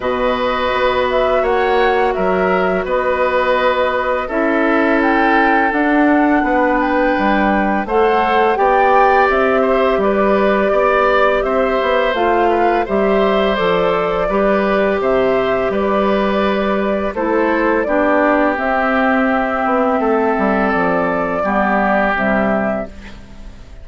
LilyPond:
<<
  \new Staff \with { instrumentName = "flute" } { \time 4/4 \tempo 4 = 84 dis''4. e''8 fis''4 e''4 | dis''2 e''4 g''4 | fis''4. g''4. fis''4 | g''4 e''4 d''2 |
e''4 f''4 e''4 d''4~ | d''4 e''4 d''2 | c''4 d''4 e''2~ | e''4 d''2 e''4 | }
  \new Staff \with { instrumentName = "oboe" } { \time 4/4 b'2 cis''4 ais'4 | b'2 a'2~ | a'4 b'2 c''4 | d''4. c''8 b'4 d''4 |
c''4. b'8 c''2 | b'4 c''4 b'2 | a'4 g'2. | a'2 g'2 | }
  \new Staff \with { instrumentName = "clarinet" } { \time 4/4 fis'1~ | fis'2 e'2 | d'2. a'4 | g'1~ |
g'4 f'4 g'4 a'4 | g'1 | e'4 d'4 c'2~ | c'2 b4 g4 | }
  \new Staff \with { instrumentName = "bassoon" } { \time 4/4 b,4 b4 ais4 fis4 | b2 cis'2 | d'4 b4 g4 a4 | b4 c'4 g4 b4 |
c'8 b8 a4 g4 f4 | g4 c4 g2 | a4 b4 c'4. b8 | a8 g8 f4 g4 c4 | }
>>